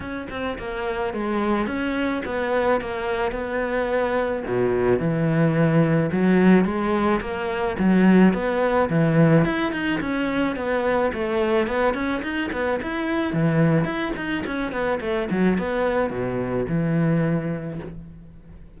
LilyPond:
\new Staff \with { instrumentName = "cello" } { \time 4/4 \tempo 4 = 108 cis'8 c'8 ais4 gis4 cis'4 | b4 ais4 b2 | b,4 e2 fis4 | gis4 ais4 fis4 b4 |
e4 e'8 dis'8 cis'4 b4 | a4 b8 cis'8 dis'8 b8 e'4 | e4 e'8 dis'8 cis'8 b8 a8 fis8 | b4 b,4 e2 | }